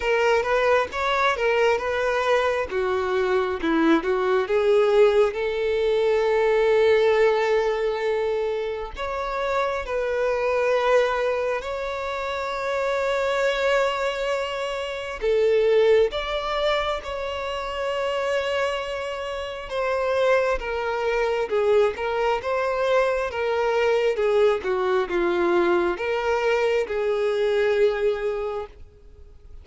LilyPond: \new Staff \with { instrumentName = "violin" } { \time 4/4 \tempo 4 = 67 ais'8 b'8 cis''8 ais'8 b'4 fis'4 | e'8 fis'8 gis'4 a'2~ | a'2 cis''4 b'4~ | b'4 cis''2.~ |
cis''4 a'4 d''4 cis''4~ | cis''2 c''4 ais'4 | gis'8 ais'8 c''4 ais'4 gis'8 fis'8 | f'4 ais'4 gis'2 | }